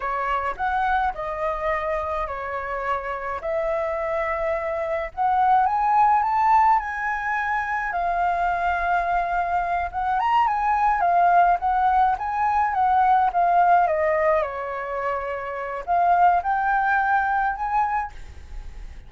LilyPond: \new Staff \with { instrumentName = "flute" } { \time 4/4 \tempo 4 = 106 cis''4 fis''4 dis''2 | cis''2 e''2~ | e''4 fis''4 gis''4 a''4 | gis''2 f''2~ |
f''4. fis''8 ais''8 gis''4 f''8~ | f''8 fis''4 gis''4 fis''4 f''8~ | f''8 dis''4 cis''2~ cis''8 | f''4 g''2 gis''4 | }